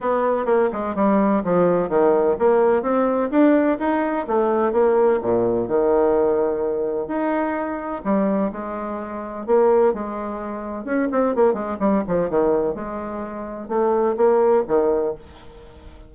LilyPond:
\new Staff \with { instrumentName = "bassoon" } { \time 4/4 \tempo 4 = 127 b4 ais8 gis8 g4 f4 | dis4 ais4 c'4 d'4 | dis'4 a4 ais4 ais,4 | dis2. dis'4~ |
dis'4 g4 gis2 | ais4 gis2 cis'8 c'8 | ais8 gis8 g8 f8 dis4 gis4~ | gis4 a4 ais4 dis4 | }